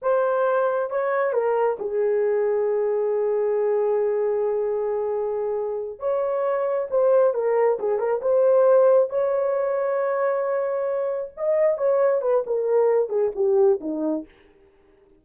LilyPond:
\new Staff \with { instrumentName = "horn" } { \time 4/4 \tempo 4 = 135 c''2 cis''4 ais'4 | gis'1~ | gis'1~ | gis'4. cis''2 c''8~ |
c''8 ais'4 gis'8 ais'8 c''4.~ | c''8 cis''2.~ cis''8~ | cis''4. dis''4 cis''4 b'8 | ais'4. gis'8 g'4 dis'4 | }